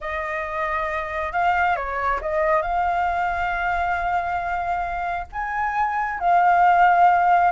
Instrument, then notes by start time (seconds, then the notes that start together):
flute
0.00 D#5
1.32 F5
1.75 C#5
2.21 D#5
2.62 F5
5.32 G#5
6.19 F5